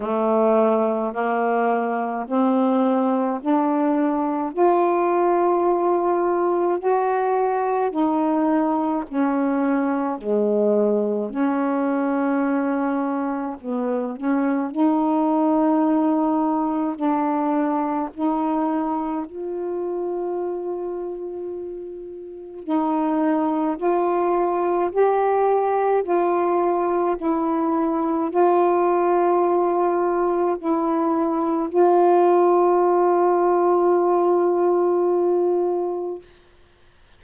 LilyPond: \new Staff \with { instrumentName = "saxophone" } { \time 4/4 \tempo 4 = 53 a4 ais4 c'4 d'4 | f'2 fis'4 dis'4 | cis'4 gis4 cis'2 | b8 cis'8 dis'2 d'4 |
dis'4 f'2. | dis'4 f'4 g'4 f'4 | e'4 f'2 e'4 | f'1 | }